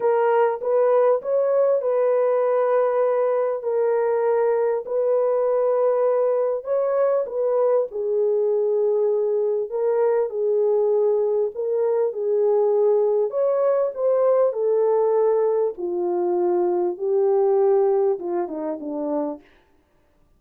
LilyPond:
\new Staff \with { instrumentName = "horn" } { \time 4/4 \tempo 4 = 99 ais'4 b'4 cis''4 b'4~ | b'2 ais'2 | b'2. cis''4 | b'4 gis'2. |
ais'4 gis'2 ais'4 | gis'2 cis''4 c''4 | a'2 f'2 | g'2 f'8 dis'8 d'4 | }